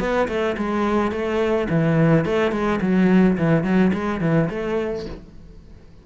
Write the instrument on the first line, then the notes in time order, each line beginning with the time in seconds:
cello
0.00 B3
0.28 A3
0.58 G#3
1.12 A3
1.70 E3
2.26 A3
2.52 G#3
2.82 F#3
3.38 E3
3.64 F#3
3.94 G#3
4.21 E3
4.50 A3